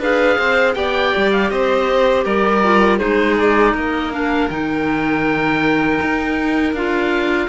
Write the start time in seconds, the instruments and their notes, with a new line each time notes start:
0.00 cello D4, clarinet G#4, violin B4, oboe F5
0.38 cello C4, violin C5
0.75 cello B3, clarinet G4, violin D5, oboe G5
1.16 cello G3
1.31 oboe F5
1.50 cello C4, violin C5, oboe D#5
2.24 cello G3, violin A#4, oboe D5
2.64 clarinet F4
2.99 cello G#3, clarinet D#4, violin G#4, oboe C5
3.39 oboe D5
3.74 cello A#3, violin A#4, oboe D#5
4.12 clarinet D4, oboe F5
4.50 cello D#3, clarinet D#4, oboe G5
6.02 cello D#4
6.73 cello D4, clarinet F4, oboe F5